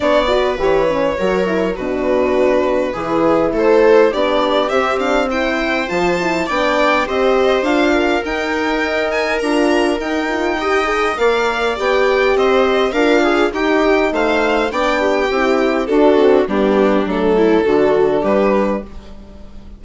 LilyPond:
<<
  \new Staff \with { instrumentName = "violin" } { \time 4/4 \tempo 4 = 102 d''4 cis''2 b'4~ | b'2 c''4 d''4 | e''8 f''8 g''4 a''4 g''4 | dis''4 f''4 g''4. gis''8 |
ais''4 g''2 f''4 | g''4 dis''4 f''4 g''4 | f''4 g''2 a'4 | g'4 a'2 b'4 | }
  \new Staff \with { instrumentName = "viola" } { \time 4/4 cis''8 b'4. ais'4 fis'4~ | fis'4 gis'4 a'4 g'4~ | g'4 c''2 d''4 | c''4. ais'2~ ais'8~ |
ais'2 dis''4 d''4~ | d''4 c''4 ais'8 gis'8 g'4 | c''4 d''8 g'4. fis'4 | d'4. e'8 fis'4 g'4 | }
  \new Staff \with { instrumentName = "horn" } { \time 4/4 d'8 fis'8 g'8 cis'8 fis'8 e'8 d'4~ | d'4 e'2 d'4 | c'8 d'8 e'4 f'8 e'8 d'4 | g'4 f'4 dis'2 |
f'4 dis'8 f'8 g'8 gis'8 ais'4 | g'2 f'4 dis'4~ | dis'4 d'4 e'4 d'8 c'8 | b4 a4 d'2 | }
  \new Staff \with { instrumentName = "bassoon" } { \time 4/4 b4 e4 fis4 b,4~ | b,4 e4 a4 b4 | c'2 f4 b4 | c'4 d'4 dis'2 |
d'4 dis'2 ais4 | b4 c'4 d'4 dis'4 | a4 b4 c'4 d'4 | g4 fis4 d4 g4 | }
>>